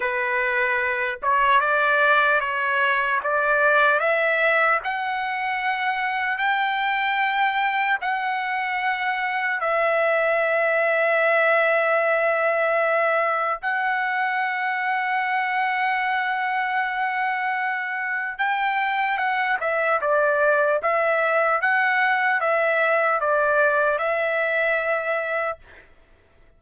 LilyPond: \new Staff \with { instrumentName = "trumpet" } { \time 4/4 \tempo 4 = 75 b'4. cis''8 d''4 cis''4 | d''4 e''4 fis''2 | g''2 fis''2 | e''1~ |
e''4 fis''2.~ | fis''2. g''4 | fis''8 e''8 d''4 e''4 fis''4 | e''4 d''4 e''2 | }